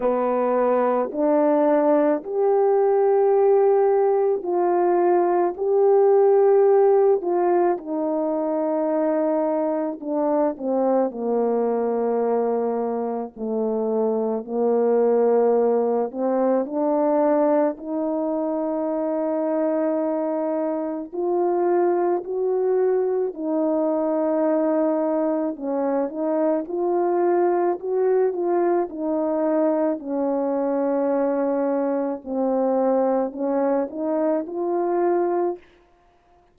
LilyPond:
\new Staff \with { instrumentName = "horn" } { \time 4/4 \tempo 4 = 54 b4 d'4 g'2 | f'4 g'4. f'8 dis'4~ | dis'4 d'8 c'8 ais2 | a4 ais4. c'8 d'4 |
dis'2. f'4 | fis'4 dis'2 cis'8 dis'8 | f'4 fis'8 f'8 dis'4 cis'4~ | cis'4 c'4 cis'8 dis'8 f'4 | }